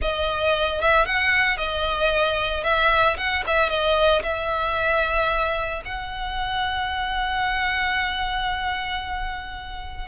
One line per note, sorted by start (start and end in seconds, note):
0.01 0.81 D#5
0.81 1.05 E5
1.05 1.57 F#5
1.57 2.63 D#5
2.63 3.16 E5
3.17 3.43 F#5
3.46 3.69 E5
3.69 4.22 D#5
4.22 5.82 E5
5.85 10.08 F#5